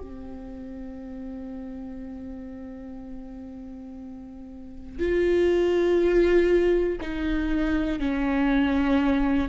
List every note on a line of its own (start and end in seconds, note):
0.00 5.00 C4
5.00 7.00 F4
7.01 8.00 D#4
8.00 9.49 C#4